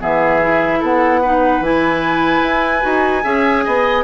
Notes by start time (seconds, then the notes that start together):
0.00 E3 B3 G#4 E5
0.42 E4
0.79 B3 A4 F#5
1.22 D#4 B4
1.61 E3 E4 G#5
2.42 E4
2.81 D#4 F#4
3.23 C#4 G#4 E5
3.64 B3 D#5